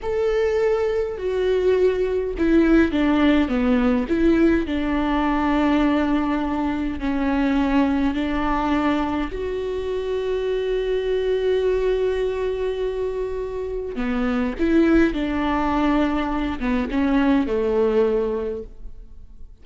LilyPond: \new Staff \with { instrumentName = "viola" } { \time 4/4 \tempo 4 = 103 a'2 fis'2 | e'4 d'4 b4 e'4 | d'1 | cis'2 d'2 |
fis'1~ | fis'1 | b4 e'4 d'2~ | d'8 b8 cis'4 a2 | }